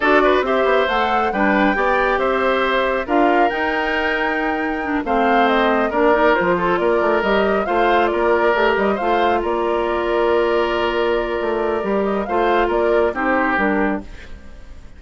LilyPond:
<<
  \new Staff \with { instrumentName = "flute" } { \time 4/4 \tempo 4 = 137 d''4 e''4 fis''4 g''4~ | g''4 e''2 f''4 | g''2.~ g''8 f''8~ | f''8 dis''4 d''4 c''4 d''8~ |
d''8 dis''4 f''4 d''4. | dis''8 f''4 d''2~ d''8~ | d''2.~ d''8 dis''8 | f''4 d''4 c''4 ais'4 | }
  \new Staff \with { instrumentName = "oboe" } { \time 4/4 a'8 b'8 c''2 b'4 | d''4 c''2 ais'4~ | ais'2.~ ais'8 c''8~ | c''4. ais'4. a'8 ais'8~ |
ais'4. c''4 ais'4.~ | ais'8 c''4 ais'2~ ais'8~ | ais'1 | c''4 ais'4 g'2 | }
  \new Staff \with { instrumentName = "clarinet" } { \time 4/4 fis'4 g'4 a'4 d'4 | g'2. f'4 | dis'2. d'8 c'8~ | c'4. d'8 dis'8 f'4.~ |
f'8 g'4 f'2 g'8~ | g'8 f'2.~ f'8~ | f'2. g'4 | f'2 dis'4 d'4 | }
  \new Staff \with { instrumentName = "bassoon" } { \time 4/4 d'4 c'8 b8 a4 g4 | b4 c'2 d'4 | dis'2.~ dis'8 a8~ | a4. ais4 f4 ais8 |
a8 g4 a4 ais4 a8 | g8 a4 ais2~ ais8~ | ais2 a4 g4 | a4 ais4 c'4 g4 | }
>>